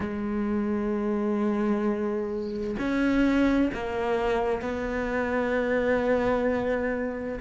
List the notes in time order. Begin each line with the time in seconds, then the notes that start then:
0.00 G#3
2.79 C#4
3.73 A#3
4.62 B3